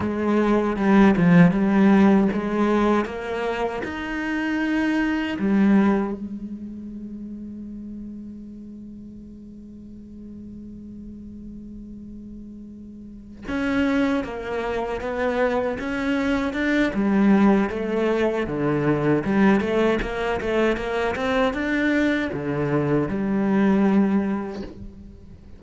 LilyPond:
\new Staff \with { instrumentName = "cello" } { \time 4/4 \tempo 4 = 78 gis4 g8 f8 g4 gis4 | ais4 dis'2 g4 | gis1~ | gis1~ |
gis4. cis'4 ais4 b8~ | b8 cis'4 d'8 g4 a4 | d4 g8 a8 ais8 a8 ais8 c'8 | d'4 d4 g2 | }